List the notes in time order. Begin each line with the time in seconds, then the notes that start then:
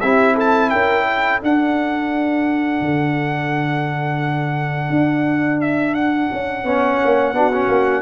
0.00 C4 E4 G4 E5
0.35 A4 A5
0.70 C#4 A#4 G5
1.07 A4
1.41 D4 F#5
2.81 D3
4.90 D4
5.61 E5
5.94 F#5
6.32 C#4
6.64 B3 C#4 C#5
7.05 A#3
7.33 B3 D4 F#4
7.52 C#4
7.68 A#3